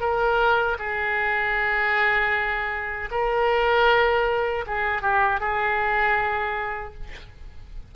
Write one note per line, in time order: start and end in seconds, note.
0.00 0.77 A#4
0.78 3.09 G#4
3.11 4.65 A#4
4.66 5.02 G#4
5.02 5.40 G4
5.40 6.94 G#4